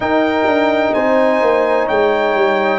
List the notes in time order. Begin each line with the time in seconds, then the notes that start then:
0.00 D#4 A#4 G5
0.45 D4
0.93 C4 C5 G#5
1.41 A#3
1.86 G#3 C#5 G5
2.35 G3